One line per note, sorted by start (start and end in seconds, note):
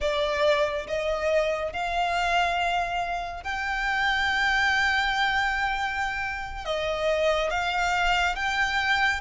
0.00 0.86 D5
0.87 1.72 D#5
1.72 3.43 F5
3.43 6.65 G5
6.65 7.50 D#5
7.50 8.35 F5
8.35 9.20 G5